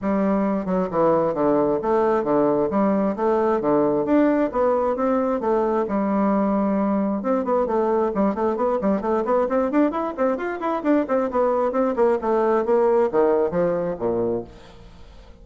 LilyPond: \new Staff \with { instrumentName = "bassoon" } { \time 4/4 \tempo 4 = 133 g4. fis8 e4 d4 | a4 d4 g4 a4 | d4 d'4 b4 c'4 | a4 g2. |
c'8 b8 a4 g8 a8 b8 g8 | a8 b8 c'8 d'8 e'8 c'8 f'8 e'8 | d'8 c'8 b4 c'8 ais8 a4 | ais4 dis4 f4 ais,4 | }